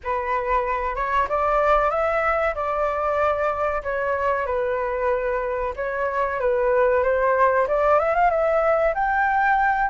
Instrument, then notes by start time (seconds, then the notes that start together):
flute
0.03 B4
0.95 C#5
1.29 D5
1.90 E5
2.54 D5
3.83 C#5
4.46 B4
5.76 C#5
6.39 B4
7.03 C5
7.67 D5
7.99 E5
8.15 F5
8.30 E5
8.94 G5